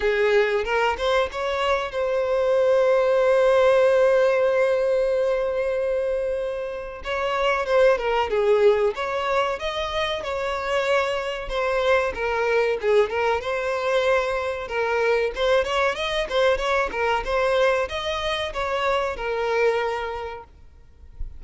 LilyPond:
\new Staff \with { instrumentName = "violin" } { \time 4/4 \tempo 4 = 94 gis'4 ais'8 c''8 cis''4 c''4~ | c''1~ | c''2. cis''4 | c''8 ais'8 gis'4 cis''4 dis''4 |
cis''2 c''4 ais'4 | gis'8 ais'8 c''2 ais'4 | c''8 cis''8 dis''8 c''8 cis''8 ais'8 c''4 | dis''4 cis''4 ais'2 | }